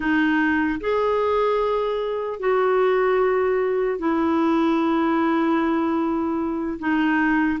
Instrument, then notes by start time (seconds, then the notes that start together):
clarinet
0.00 D#4
0.80 G#4
2.39 F#4
3.99 E4
6.79 D#4